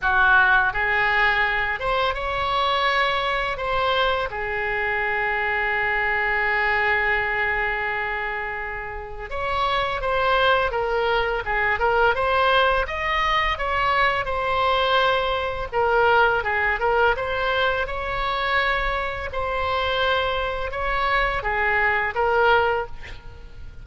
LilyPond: \new Staff \with { instrumentName = "oboe" } { \time 4/4 \tempo 4 = 84 fis'4 gis'4. c''8 cis''4~ | cis''4 c''4 gis'2~ | gis'1~ | gis'4 cis''4 c''4 ais'4 |
gis'8 ais'8 c''4 dis''4 cis''4 | c''2 ais'4 gis'8 ais'8 | c''4 cis''2 c''4~ | c''4 cis''4 gis'4 ais'4 | }